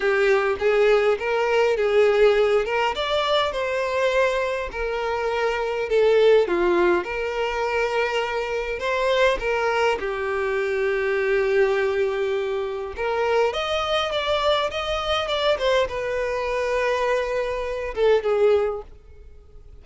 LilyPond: \new Staff \with { instrumentName = "violin" } { \time 4/4 \tempo 4 = 102 g'4 gis'4 ais'4 gis'4~ | gis'8 ais'8 d''4 c''2 | ais'2 a'4 f'4 | ais'2. c''4 |
ais'4 g'2.~ | g'2 ais'4 dis''4 | d''4 dis''4 d''8 c''8 b'4~ | b'2~ b'8 a'8 gis'4 | }